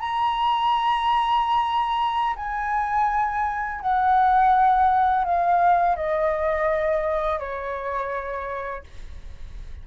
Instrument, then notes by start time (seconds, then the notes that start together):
flute
0.00 A#5
2.36 G#5
3.81 F#5
5.24 F5
5.96 D#5
7.39 C#5